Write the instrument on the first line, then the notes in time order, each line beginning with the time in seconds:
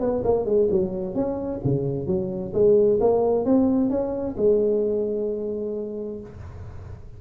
tuba
0.00 B3
0.24 A#3
0.45 G#3
0.71 F#3
1.15 C#4
1.64 C#3
2.07 F#3
2.54 G#3
3.00 A#3
3.45 C4
3.90 C#4
4.37 G#3